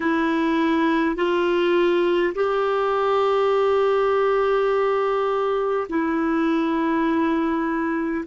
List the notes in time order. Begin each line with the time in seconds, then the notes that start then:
0.00 E4
1.16 F4
2.34 G4
5.89 E4